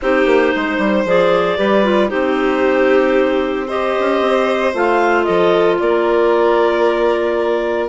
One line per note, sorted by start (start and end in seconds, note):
0.01 0.25 C4
0.01 1.06 D#4
0.01 0.54 G4
0.01 1.07 C5
0.25 0.52 A#3
0.55 0.78 G#3
0.55 1.57 C5
0.78 1.04 G3
1.04 1.57 F3
1.04 1.57 G#4
1.04 2.09 D5
1.57 2.11 G3
1.57 1.83 G4
1.57 2.09 B4
1.83 2.08 F4
2.08 3.97 C4
2.08 3.66 D#4
2.08 3.67 G4
2.08 3.67 C5
3.67 4.73 G4
3.67 5.25 C5
3.67 4.74 D#5
3.99 4.20 C#4
4.20 4.73 C4
4.73 5.26 A3
4.73 7.88 F4
4.73 5.23 F5
5.23 5.80 F3
5.23 5.78 A4
5.23 5.76 D#5
5.79 7.88 A#3
5.79 7.88 A#4
5.79 7.88 D5